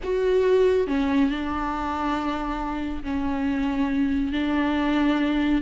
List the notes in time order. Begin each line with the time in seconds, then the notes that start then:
0.03 F#4
0.87 C#4
1.29 D4
3.03 C#4
4.32 D4